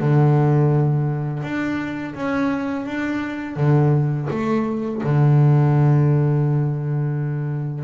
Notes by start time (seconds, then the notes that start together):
0.00 D3
1.43 D4
2.15 C#4
2.86 D4
3.56 D3
4.30 A3
5.03 D3